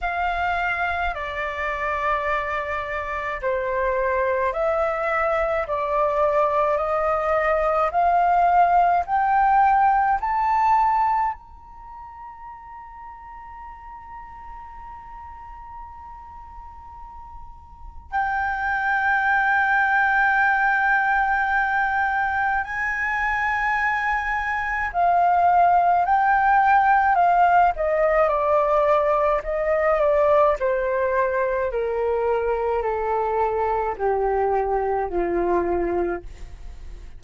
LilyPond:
\new Staff \with { instrumentName = "flute" } { \time 4/4 \tempo 4 = 53 f''4 d''2 c''4 | e''4 d''4 dis''4 f''4 | g''4 a''4 ais''2~ | ais''1 |
g''1 | gis''2 f''4 g''4 | f''8 dis''8 d''4 dis''8 d''8 c''4 | ais'4 a'4 g'4 f'4 | }